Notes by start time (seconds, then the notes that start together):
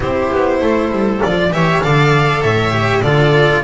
0.00 C4 E4 G4 C5
0.31 B3
0.60 A3 A4
0.91 G3
1.20 F3 F4 D5
1.51 E3 G4 C#5 E5
1.82 D3 A4 D5 F5
2.42 A2 C#5 E5
2.71 G4
3.02 D3 F4 A4 D5